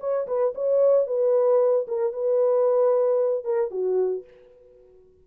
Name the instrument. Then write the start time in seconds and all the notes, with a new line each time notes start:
horn
0.00 C#5
0.27 B4
0.55 C#5
1.07 B4
1.88 A#4
2.13 B4
3.44 A#4
3.71 F#4